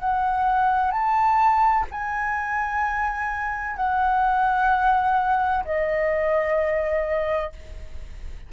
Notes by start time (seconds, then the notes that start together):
0.00 F#5
0.91 A5
1.91 G#5
3.76 F#5
5.65 D#5